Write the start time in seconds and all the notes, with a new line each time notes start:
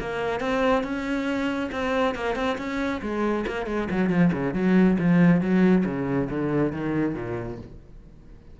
0.00 A#3
0.40 C4
0.83 C#4
1.72 C4
2.15 A#3
2.35 C4
2.58 C#4
3.02 G#3
3.47 A#3
3.66 G#3
3.91 F#3
4.10 F3
4.33 C#3
4.54 F#3
4.99 F3
5.41 F#3
5.85 C#3
6.30 D3
6.72 D#3
7.15 A#2